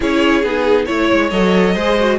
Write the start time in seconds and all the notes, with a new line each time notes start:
0.00 C#4 E4 G#4 C#5
0.43 B3 D#4 G#4
0.85 A3 E4 C#5
1.12 G#3
1.30 F#3 A4 D#5
1.74 G#3 G#4 C5
1.98 F#4